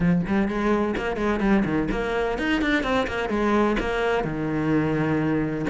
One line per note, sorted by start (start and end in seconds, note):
0.00 0.21 F3
0.27 0.47 G3
0.47 0.95 G#3
0.96 1.16 A#3
1.16 1.39 G#3
1.39 1.63 G3
1.64 1.88 D#3
1.91 2.38 A#3
2.38 2.61 D#4
2.61 2.83 D4
2.83 3.06 C4
3.07 3.29 A#3
3.29 3.76 G#3
3.79 4.24 A#3
4.24 5.65 D#3